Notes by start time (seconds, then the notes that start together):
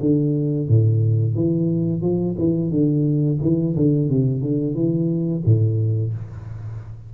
0.00 D3
0.68 A2
1.35 E3
2.01 F3
2.38 E3
2.70 D3
3.41 E3
3.76 D3
4.09 C3
4.42 D3
4.74 E3
5.45 A2